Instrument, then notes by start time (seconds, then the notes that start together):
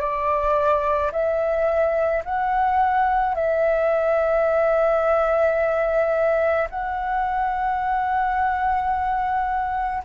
flute
0.00 D5
1.12 E5
2.25 F#5
3.35 E5
6.70 F#5